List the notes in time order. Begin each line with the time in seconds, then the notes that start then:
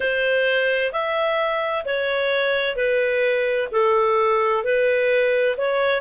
0.00 C5
0.92 E5
1.85 C#5
2.76 B4
3.71 A4
4.64 B4
5.57 C#5